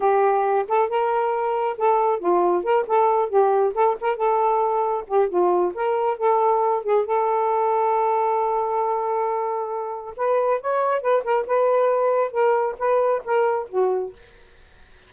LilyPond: \new Staff \with { instrumentName = "saxophone" } { \time 4/4 \tempo 4 = 136 g'4. a'8 ais'2 | a'4 f'4 ais'8 a'4 g'8~ | g'8 a'8 ais'8 a'2 g'8 | f'4 ais'4 a'4. gis'8 |
a'1~ | a'2. b'4 | cis''4 b'8 ais'8 b'2 | ais'4 b'4 ais'4 fis'4 | }